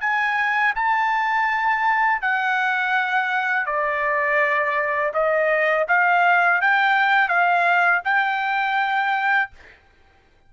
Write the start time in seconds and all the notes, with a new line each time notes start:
0.00 G#5
0.75 A5
2.22 F#5
3.66 D5
5.14 D#5
5.88 F5
6.61 G5
7.28 F5
8.04 G5